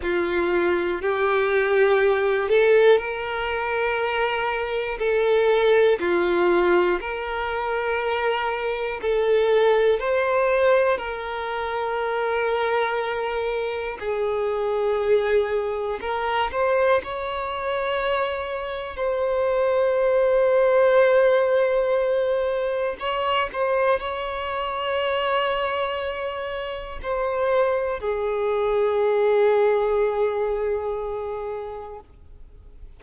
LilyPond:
\new Staff \with { instrumentName = "violin" } { \time 4/4 \tempo 4 = 60 f'4 g'4. a'8 ais'4~ | ais'4 a'4 f'4 ais'4~ | ais'4 a'4 c''4 ais'4~ | ais'2 gis'2 |
ais'8 c''8 cis''2 c''4~ | c''2. cis''8 c''8 | cis''2. c''4 | gis'1 | }